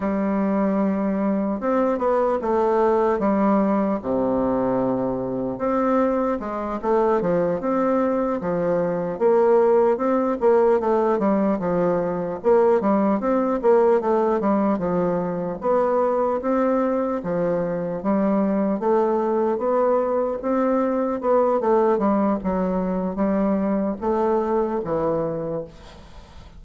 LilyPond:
\new Staff \with { instrumentName = "bassoon" } { \time 4/4 \tempo 4 = 75 g2 c'8 b8 a4 | g4 c2 c'4 | gis8 a8 f8 c'4 f4 ais8~ | ais8 c'8 ais8 a8 g8 f4 ais8 |
g8 c'8 ais8 a8 g8 f4 b8~ | b8 c'4 f4 g4 a8~ | a8 b4 c'4 b8 a8 g8 | fis4 g4 a4 e4 | }